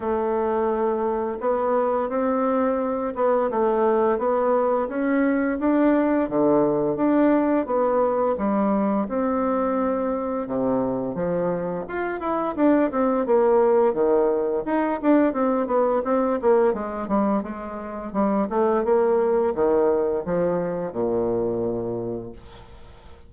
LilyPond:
\new Staff \with { instrumentName = "bassoon" } { \time 4/4 \tempo 4 = 86 a2 b4 c'4~ | c'8 b8 a4 b4 cis'4 | d'4 d4 d'4 b4 | g4 c'2 c4 |
f4 f'8 e'8 d'8 c'8 ais4 | dis4 dis'8 d'8 c'8 b8 c'8 ais8 | gis8 g8 gis4 g8 a8 ais4 | dis4 f4 ais,2 | }